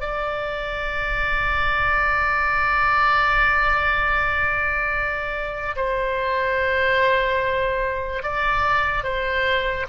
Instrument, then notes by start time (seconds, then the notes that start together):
oboe
0.00 D5
5.76 C5
8.23 D5
9.03 C5